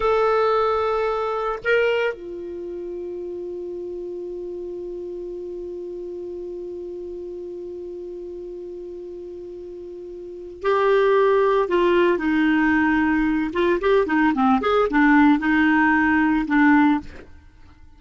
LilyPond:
\new Staff \with { instrumentName = "clarinet" } { \time 4/4 \tempo 4 = 113 a'2. ais'4 | f'1~ | f'1~ | f'1~ |
f'1 | g'2 f'4 dis'4~ | dis'4. f'8 g'8 dis'8 c'8 gis'8 | d'4 dis'2 d'4 | }